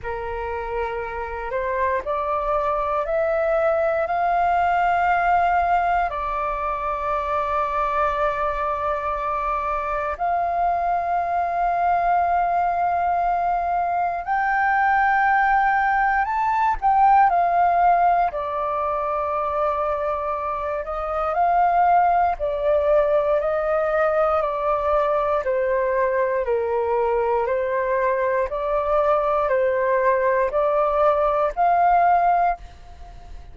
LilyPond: \new Staff \with { instrumentName = "flute" } { \time 4/4 \tempo 4 = 59 ais'4. c''8 d''4 e''4 | f''2 d''2~ | d''2 f''2~ | f''2 g''2 |
a''8 g''8 f''4 d''2~ | d''8 dis''8 f''4 d''4 dis''4 | d''4 c''4 ais'4 c''4 | d''4 c''4 d''4 f''4 | }